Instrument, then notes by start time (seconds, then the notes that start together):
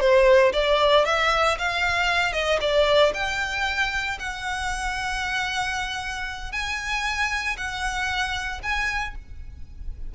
violin
0.00 C5
0.53 D5
1.05 E5
1.59 F5
2.33 D#5
2.61 D5
3.14 G5
4.20 F#5
6.52 G#5
7.57 F#5
8.63 G#5